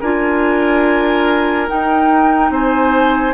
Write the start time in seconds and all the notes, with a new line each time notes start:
0.00 D4 F4 A#4 G#5
1.68 D#4 G5
2.50 C4 C5 G#5